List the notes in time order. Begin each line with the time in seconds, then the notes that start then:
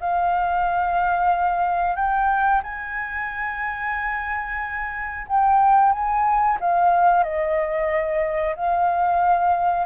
0.00 F5
1.96 G5
2.63 G#5
5.27 G5
5.92 G#5
6.60 F5
7.23 D#5
8.56 F5